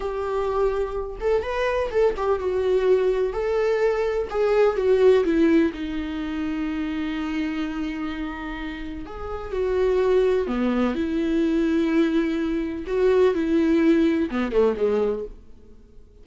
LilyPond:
\new Staff \with { instrumentName = "viola" } { \time 4/4 \tempo 4 = 126 g'2~ g'8 a'8 b'4 | a'8 g'8 fis'2 a'4~ | a'4 gis'4 fis'4 e'4 | dis'1~ |
dis'2. gis'4 | fis'2 b4 e'4~ | e'2. fis'4 | e'2 b8 a8 gis4 | }